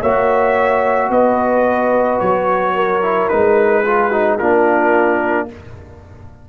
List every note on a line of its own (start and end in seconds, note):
0.00 1.10 A#3
0.00 3.02 F#4
0.00 1.09 C#5
0.00 1.11 E5
1.10 2.19 B3
1.10 2.75 B4
1.10 2.20 D#5
2.20 3.30 F#3
2.20 3.28 C#5
2.75 3.84 A#4
3.02 3.30 E4
3.28 4.40 G#3
3.28 3.84 D#4
3.28 4.37 B4
3.84 4.12 F4
3.84 4.09 G#4
4.09 4.39 D#4
4.09 4.36 F#4
4.38 5.49 A#3
4.38 5.48 D4
4.38 5.47 F4
4.38 5.47 A#4